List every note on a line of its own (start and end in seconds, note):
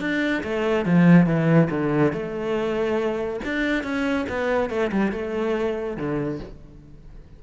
0.00 0.43 D4
0.44 0.85 A3
0.85 1.26 F3
1.26 1.69 E3
1.70 2.12 D3
2.12 3.40 A3
3.44 3.83 D4
3.83 4.26 C#4
4.29 4.70 B3
4.70 4.91 A3
4.92 5.12 G3
5.12 5.97 A3
5.97 6.39 D3